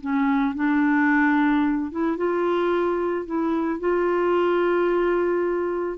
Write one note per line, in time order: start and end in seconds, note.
0.00 0.55 C#4
0.55 1.91 D4
1.91 2.17 E4
2.17 3.26 F4
3.26 3.80 E4
3.80 5.98 F4